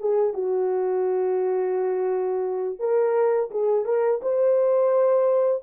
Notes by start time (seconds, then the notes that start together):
0.00 G#4
0.34 F#4
2.79 A#4
3.51 G#4
3.85 A#4
4.22 C5